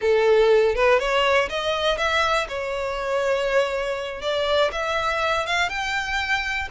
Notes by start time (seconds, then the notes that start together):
0.01 A4
0.75 B4
0.99 C#5
1.49 D#5
1.97 E5
2.48 C#5
4.21 D5
4.72 E5
5.46 F5
5.69 G5